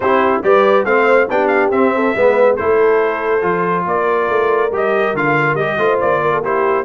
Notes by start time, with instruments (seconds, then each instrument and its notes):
0.00 tuba C4, trombone E4, horn G4, trumpet C5
0.43 tuba G3, trombone G4, horn B4, trumpet D5
0.84 tuba A3, trombone C4, horn C5, trumpet F5
1.29 tuba B3, trombone D4, horn G4, trumpet G5
1.47 trumpet F5
1.70 tuba C4, trombone C4, trumpet E5
1.95 horn A4
2.15 tuba G#3, trombone B3, horn B4
2.56 tuba A3, trombone E4, horn A4, trumpet C5
3.41 tuba F3, trombone F4
3.85 tuba A#3, horn A#4, trumpet D5
4.29 tuba A3
4.71 tuba G3, trombone G4, trumpet D#5
5.14 tuba D3, trombone F4, trumpet F5
5.54 tuba G3, trombone G4, trumpet D#5
5.78 tuba A3, trombone F4, horn C5
6.00 tuba A#3, trumpet D5
6.21 horn A#4
6.32 horn A4
6.42 trombone E4, horn G4, trumpet C5